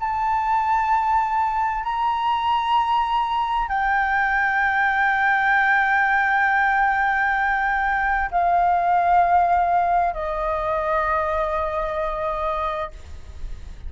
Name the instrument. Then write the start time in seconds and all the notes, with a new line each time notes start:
flute
0.00 A5
1.84 A#5
3.68 G5
8.31 F5
10.14 D#5